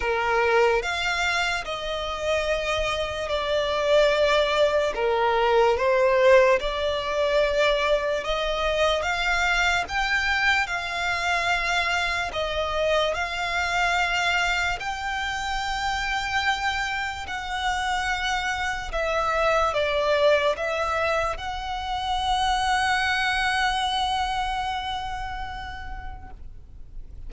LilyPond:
\new Staff \with { instrumentName = "violin" } { \time 4/4 \tempo 4 = 73 ais'4 f''4 dis''2 | d''2 ais'4 c''4 | d''2 dis''4 f''4 | g''4 f''2 dis''4 |
f''2 g''2~ | g''4 fis''2 e''4 | d''4 e''4 fis''2~ | fis''1 | }